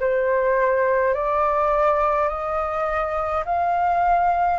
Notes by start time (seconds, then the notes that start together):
0.00 C5
1.14 D5
2.29 D#5
3.46 F5